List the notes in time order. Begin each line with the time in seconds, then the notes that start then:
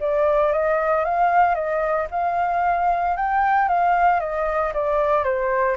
0.00 D5
0.52 D#5
1.05 F5
1.55 D#5
2.11 F5
3.17 G5
3.69 F5
4.20 D#5
4.74 D5
5.24 C5